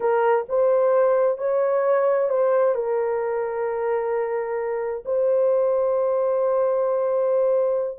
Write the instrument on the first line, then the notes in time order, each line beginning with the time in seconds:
horn
0.00 A#4
0.49 C5
1.37 C#5
2.29 C5
2.75 A#4
5.05 C5